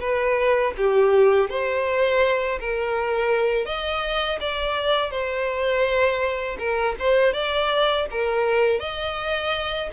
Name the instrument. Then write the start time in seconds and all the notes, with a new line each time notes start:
violin
0.00 B4
0.77 G4
1.49 C5
2.60 A#4
3.66 D#5
4.40 D5
5.11 C5
6.59 A#4
6.99 C5
7.33 D5
8.11 A#4
8.80 D#5